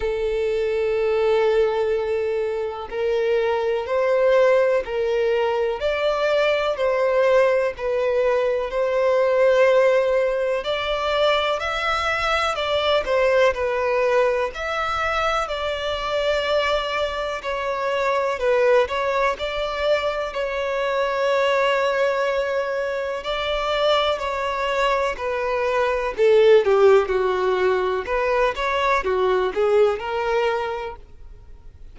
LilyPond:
\new Staff \with { instrumentName = "violin" } { \time 4/4 \tempo 4 = 62 a'2. ais'4 | c''4 ais'4 d''4 c''4 | b'4 c''2 d''4 | e''4 d''8 c''8 b'4 e''4 |
d''2 cis''4 b'8 cis''8 | d''4 cis''2. | d''4 cis''4 b'4 a'8 g'8 | fis'4 b'8 cis''8 fis'8 gis'8 ais'4 | }